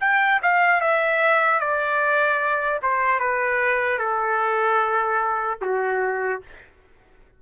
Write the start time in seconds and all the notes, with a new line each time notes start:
0.00 G5
0.42 F5
0.80 E5
1.60 D5
2.82 C5
3.19 B4
3.98 A4
5.61 F#4